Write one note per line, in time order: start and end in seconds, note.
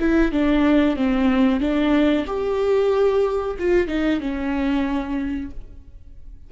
0.00 0.32 E4
0.32 0.96 D4
0.96 1.60 C4
1.60 2.26 D4
2.27 3.57 G4
3.59 3.88 F4
3.88 4.20 D#4
4.20 5.51 C#4